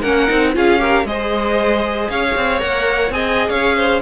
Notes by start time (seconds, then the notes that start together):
0.00 A#3 C#4 A#4 F#5
0.27 C4 D#4
0.53 C#4 F4 G#4 F5
0.78 G4 A#4
1.04 G#3 G#4 C5 D#5
2.09 C#4 C#5 F5
2.36 C4
2.59 A#3 A#4 F#5
3.10 C4 G#4 D#5 G#5
3.49 C#4 C#5 F5
3.76 C5